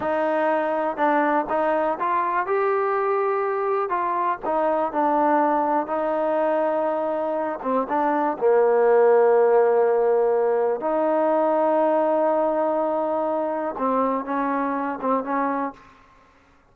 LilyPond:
\new Staff \with { instrumentName = "trombone" } { \time 4/4 \tempo 4 = 122 dis'2 d'4 dis'4 | f'4 g'2. | f'4 dis'4 d'2 | dis'2.~ dis'8 c'8 |
d'4 ais2.~ | ais2 dis'2~ | dis'1 | c'4 cis'4. c'8 cis'4 | }